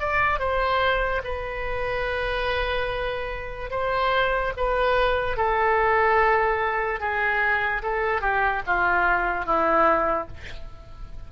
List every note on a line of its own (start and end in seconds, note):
0.00 0.40 D5
0.40 1.22 C5
1.24 3.71 B4
3.71 4.53 C5
4.57 5.37 B4
5.37 7.00 A4
7.00 7.82 G#4
7.83 8.21 A4
8.21 8.62 G4
8.67 9.46 F4
9.46 10.28 E4